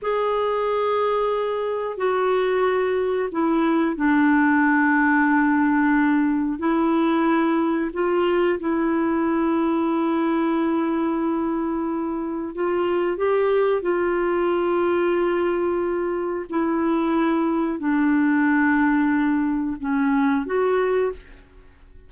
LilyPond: \new Staff \with { instrumentName = "clarinet" } { \time 4/4 \tempo 4 = 91 gis'2. fis'4~ | fis'4 e'4 d'2~ | d'2 e'2 | f'4 e'2.~ |
e'2. f'4 | g'4 f'2.~ | f'4 e'2 d'4~ | d'2 cis'4 fis'4 | }